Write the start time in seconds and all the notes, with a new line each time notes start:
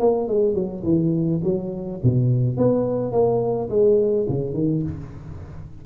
0.00 A#3
0.28 G#3
0.55 F#3
0.84 E3
1.44 F#3
2.04 B2
2.58 B3
3.12 A#3
3.70 G#3
4.29 C#3
4.54 D#3